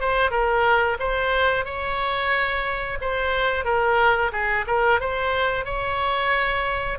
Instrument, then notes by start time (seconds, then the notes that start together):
oboe
0.00 C5
0.31 A#4
0.99 C5
1.65 C#5
3.01 C5
3.65 A#4
4.32 G#4
4.67 A#4
5.00 C5
5.65 C#5